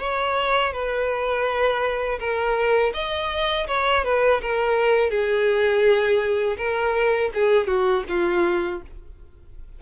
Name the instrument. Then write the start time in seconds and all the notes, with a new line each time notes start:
violin
0.00 C#5
0.73 B4
2.20 A#4
2.94 D#5
3.68 C#5
4.05 B4
4.42 A#4
5.11 G#4
6.58 A#4
7.35 G#4
7.67 F#4
8.09 F4